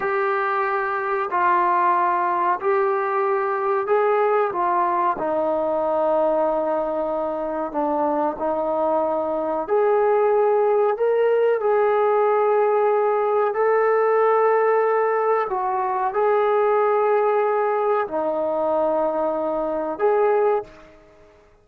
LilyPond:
\new Staff \with { instrumentName = "trombone" } { \time 4/4 \tempo 4 = 93 g'2 f'2 | g'2 gis'4 f'4 | dis'1 | d'4 dis'2 gis'4~ |
gis'4 ais'4 gis'2~ | gis'4 a'2. | fis'4 gis'2. | dis'2. gis'4 | }